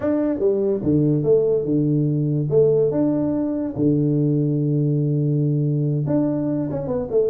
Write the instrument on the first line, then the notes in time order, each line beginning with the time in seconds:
tuba
0.00 D4
0.39 G3
0.82 D3
1.23 A3
1.65 D3
2.49 A3
2.91 D4
3.76 D3
6.06 D4
6.70 C#4
6.87 B3
7.10 A3